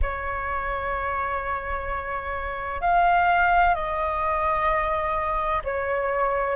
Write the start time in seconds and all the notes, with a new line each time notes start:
0.02 C#5
2.81 F5
3.75 D#5
5.63 C#5